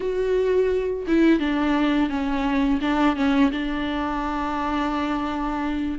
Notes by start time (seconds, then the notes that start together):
0.00 F#4
1.07 E4
1.39 D4
2.09 C#4
2.81 D4
3.16 C#4
3.51 D4